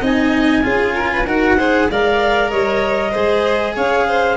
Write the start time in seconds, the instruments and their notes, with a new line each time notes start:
0.00 tuba C4, cello D#4, violin D#5, clarinet G#5
0.62 tuba C#4, cello F4, violin G#4
0.94 violin A#4
1.12 violin B4
1.26 tuba D#4, cello F#4, violin A#4, clarinet F#5
1.57 cello G#4, violin C5
1.89 tuba G#3, cello A#4, violin D5, clarinet F5
2.50 tuba G3, violin C#5, clarinet D#5
3.10 tuba G#3, cello G#4, violin C5
3.75 tuba C#4, violin C#5, clarinet F5
4.07 violin C5